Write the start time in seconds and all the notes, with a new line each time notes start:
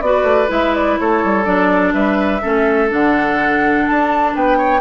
0.00 B3 F#4 B4 D5
0.23 A3
0.47 G#3 E4 E5
0.74 D5
0.99 A3 A4 C#5
1.24 G3
1.44 F#3 D4 D5
1.93 G3 B4 E5
2.41 A3 C#4 A4
2.89 D3 D4 F#5
3.87 D4 A5
4.35 B3 B4 G5
4.57 C#5